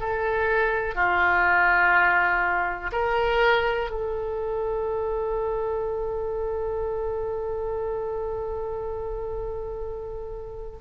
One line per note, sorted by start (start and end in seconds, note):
0.00 0.95 A4
0.95 2.92 F4
2.92 3.91 A#4
3.91 10.79 A4